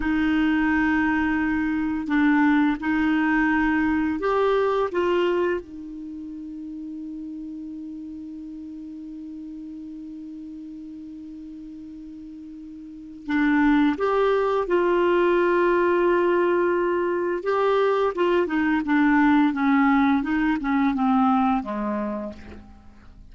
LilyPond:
\new Staff \with { instrumentName = "clarinet" } { \time 4/4 \tempo 4 = 86 dis'2. d'4 | dis'2 g'4 f'4 | dis'1~ | dis'1~ |
dis'2. d'4 | g'4 f'2.~ | f'4 g'4 f'8 dis'8 d'4 | cis'4 dis'8 cis'8 c'4 gis4 | }